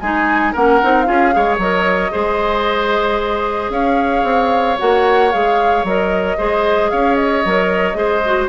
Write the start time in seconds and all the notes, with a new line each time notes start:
0.00 G#3 D#4 G#4 G#5
0.52 A#3 C#4 A#4 F#5
0.82 C4 D#4
1.02 F4 G#4 F5
1.08 C#4
1.32 G#3 G#4 C#5
1.57 F#3 A#4 D#5
2.11 G#3 G#4 C5
3.69 C#4 C#5 F5
4.23 C4
4.78 A#3 F#4 F#5
5.31 G#3 G#4 F5
5.83 F#3 A#4 D#5
6.37 G#3 G#4 C5
6.90 C#4 C#5 F5
7.14 D#5
7.45 F#3 A#4
7.94 G#3 G#4 C5
8.25 F#4